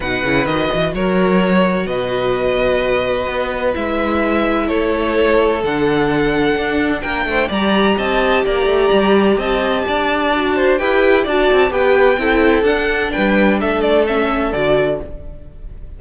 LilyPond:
<<
  \new Staff \with { instrumentName = "violin" } { \time 4/4 \tempo 4 = 128 fis''4 dis''4 cis''2 | dis''1 | e''2 cis''2 | fis''2. g''4 |
ais''4 a''4 ais''2 | a''2. g''4 | a''4 g''2 fis''4 | g''4 e''8 d''8 e''4 d''4 | }
  \new Staff \with { instrumentName = "violin" } { \time 4/4 b'2 ais'2 | b'1~ | b'2 a'2~ | a'2. ais'8 c''8 |
d''4 dis''4 d''2 | dis''4 d''4. c''8 b'4 | d''4 b'4 a'2 | b'4 a'2. | }
  \new Staff \with { instrumentName = "viola" } { \time 4/4 dis'8 e'8 fis'2.~ | fis'1 | e'1 | d'1 |
g'1~ | g'2 fis'4 g'4 | fis'4 g'4 e'4 d'4~ | d'2 cis'4 fis'4 | }
  \new Staff \with { instrumentName = "cello" } { \time 4/4 b,8 cis8 dis8 e8 fis2 | b,2. b4 | gis2 a2 | d2 d'4 ais8 a8 |
g4 c'4 ais8 a8 g4 | c'4 d'2 e'4 | d'8 c'8 b4 c'4 d'4 | g4 a2 d4 | }
>>